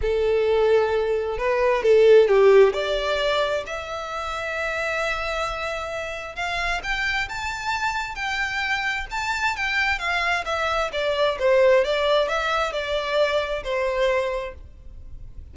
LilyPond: \new Staff \with { instrumentName = "violin" } { \time 4/4 \tempo 4 = 132 a'2. b'4 | a'4 g'4 d''2 | e''1~ | e''2 f''4 g''4 |
a''2 g''2 | a''4 g''4 f''4 e''4 | d''4 c''4 d''4 e''4 | d''2 c''2 | }